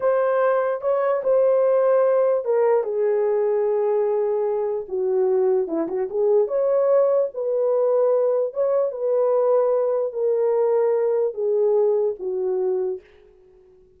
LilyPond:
\new Staff \with { instrumentName = "horn" } { \time 4/4 \tempo 4 = 148 c''2 cis''4 c''4~ | c''2 ais'4 gis'4~ | gis'1 | fis'2 e'8 fis'8 gis'4 |
cis''2 b'2~ | b'4 cis''4 b'2~ | b'4 ais'2. | gis'2 fis'2 | }